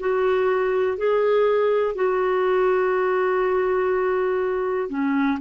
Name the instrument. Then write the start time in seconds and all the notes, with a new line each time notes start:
clarinet
0.00 F#4
0.98 G#4
1.95 F#4
4.90 C#4